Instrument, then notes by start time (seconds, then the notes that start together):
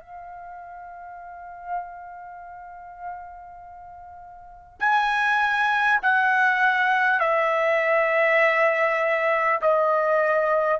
trumpet
0.00 F5
4.79 G#5
6.02 F#5
7.20 E5
9.62 D#5